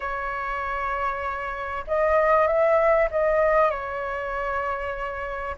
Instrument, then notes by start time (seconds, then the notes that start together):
flute
0.00 C#5
1.87 D#5
2.47 E5
3.10 D#5
3.70 C#5